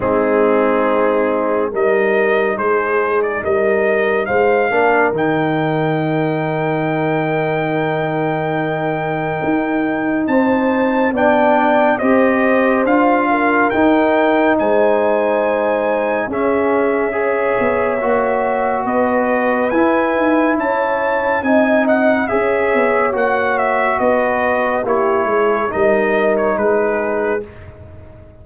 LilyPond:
<<
  \new Staff \with { instrumentName = "trumpet" } { \time 4/4 \tempo 4 = 70 gis'2 dis''4 c''8. d''16 | dis''4 f''4 g''2~ | g''1 | a''4 g''4 dis''4 f''4 |
g''4 gis''2 e''4~ | e''2 dis''4 gis''4 | a''4 gis''8 fis''8 e''4 fis''8 e''8 | dis''4 cis''4 dis''8. cis''16 b'4 | }
  \new Staff \with { instrumentName = "horn" } { \time 4/4 dis'2 ais'4 gis'4 | ais'4 c''8 ais'2~ ais'8~ | ais'1 | c''4 d''4 c''4. ais'8~ |
ais'4 c''2 gis'4 | cis''2 b'2 | cis''4 dis''4 cis''2 | b'4 g'8 gis'8 ais'4 gis'4 | }
  \new Staff \with { instrumentName = "trombone" } { \time 4/4 c'2 dis'2~ | dis'4. d'8 dis'2~ | dis'1~ | dis'4 d'4 g'4 f'4 |
dis'2. cis'4 | gis'4 fis'2 e'4~ | e'4 dis'4 gis'4 fis'4~ | fis'4 e'4 dis'2 | }
  \new Staff \with { instrumentName = "tuba" } { \time 4/4 gis2 g4 gis4 | g4 gis8 ais8 dis2~ | dis2. dis'4 | c'4 b4 c'4 d'4 |
dis'4 gis2 cis'4~ | cis'8 b8 ais4 b4 e'8 dis'8 | cis'4 c'4 cis'8 b8 ais4 | b4 ais8 gis8 g4 gis4 | }
>>